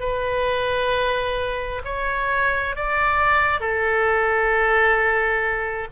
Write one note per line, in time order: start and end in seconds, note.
0.00 1.82 B4
1.85 2.76 C#5
2.76 3.60 D5
3.60 5.88 A4